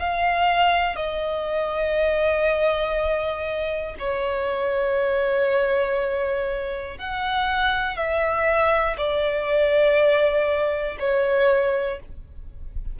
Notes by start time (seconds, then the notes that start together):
0.00 F5
0.96 D#5
4.00 C#5
6.99 F#5
7.97 E5
8.98 D5
11.00 C#5